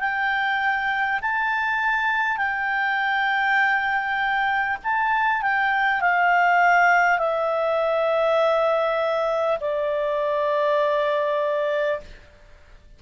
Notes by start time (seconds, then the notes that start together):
0.00 G5
1.22 A5
2.37 G5
4.84 A5
5.42 G5
6.01 F5
7.18 E5
9.61 D5